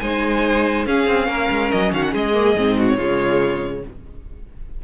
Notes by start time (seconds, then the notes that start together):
0.00 G#3 D#4 C5 G#5
0.86 C#4 G#4 F5
1.07 C4
1.28 A#3 A#4
1.50 G#3
1.72 F#3 D#5
1.93 D#3 F#4 F5
2.03 F#5
2.12 G#3 G#4 D#5
2.34 A#3
2.56 G#2 C4
2.78 F#4
2.88 C#5
2.97 C#3 G#3 F4